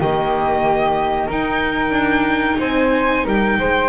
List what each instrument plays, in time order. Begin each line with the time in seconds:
0.00 double bass D#3, viola A#3, flute G4, violin D#5
1.26 viola D#4, double bass D#4, flute A#4, violin G5
1.90 double bass D4
2.60 double bass C4, flute C5, violin G#5
3.24 double bass G3, flute A#4, violin G5
3.58 double bass G#3, flute C5